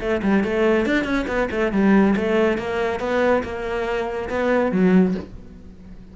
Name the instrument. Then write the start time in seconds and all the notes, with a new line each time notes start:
cello
0.00 A3
0.23 G3
0.44 A3
0.86 D4
1.04 C#4
1.27 B3
1.51 A3
1.72 G3
2.16 A3
2.58 A#3
3.00 B3
3.43 A#3
4.30 B3
4.72 F#3